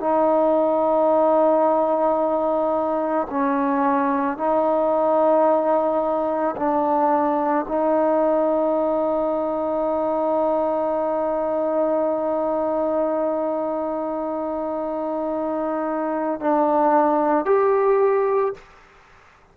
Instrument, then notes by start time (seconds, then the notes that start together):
trombone
0.00 D#4
3.30 C#4
4.37 D#4
6.57 D4
7.68 D#4
16.41 D4
17.45 G4